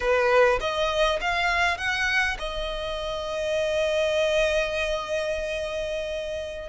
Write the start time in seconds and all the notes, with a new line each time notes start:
0.00 B4
0.60 D#5
1.20 F5
1.77 F#5
2.38 D#5